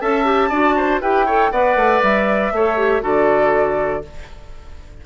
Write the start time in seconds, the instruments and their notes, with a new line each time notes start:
0.00 bassoon C#4, clarinet A4, oboe E5, flute A5
0.25 clarinet G4
0.49 bassoon D4, clarinet F#4, oboe D5
0.77 oboe C5
1.00 bassoon E4, clarinet G4, oboe B4, flute G5
1.25 clarinet A4, oboe C#5
1.51 bassoon B3, clarinet B4, oboe D5, flute F#5
1.75 bassoon A3
2.02 bassoon G3, flute E5
2.52 bassoon A3, clarinet A4, oboe C#5
2.77 clarinet G4
3.01 bassoon D3, clarinet F#4, oboe A4, flute D5